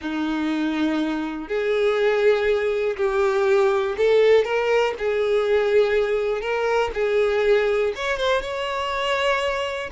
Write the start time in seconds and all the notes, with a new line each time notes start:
0.01 D#4
1.47 G#4
2.96 G4
3.97 A4
4.44 A#4
4.98 G#4
6.41 A#4
6.94 G#4
7.95 C#5
8.17 C5
8.41 C#5